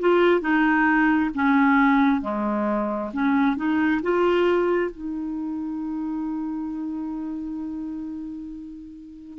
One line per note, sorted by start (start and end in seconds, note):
0.00 0.41 F4
0.41 1.31 D#4
1.34 2.21 C#4
2.21 3.11 G#3
3.13 3.57 C#4
3.57 4.01 D#4
4.03 4.91 F4
4.91 9.39 D#4